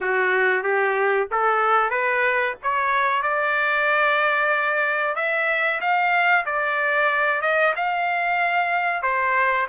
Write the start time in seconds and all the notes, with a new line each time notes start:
0.01 F#4
0.63 G4
1.31 A4
1.90 B4
2.62 C#5
3.22 D5
5.15 E5
5.80 F5
6.45 D5
7.41 D#5
7.76 F5
9.02 C5